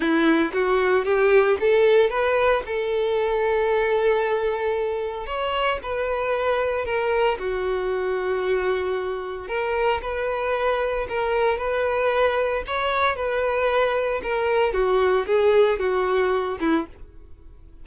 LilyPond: \new Staff \with { instrumentName = "violin" } { \time 4/4 \tempo 4 = 114 e'4 fis'4 g'4 a'4 | b'4 a'2.~ | a'2 cis''4 b'4~ | b'4 ais'4 fis'2~ |
fis'2 ais'4 b'4~ | b'4 ais'4 b'2 | cis''4 b'2 ais'4 | fis'4 gis'4 fis'4. e'8 | }